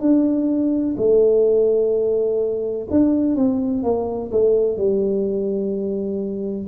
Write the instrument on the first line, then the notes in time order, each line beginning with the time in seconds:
tuba
0.00 D4
0.97 A3
2.90 D4
3.35 C4
3.84 A#3
4.32 A3
4.77 G3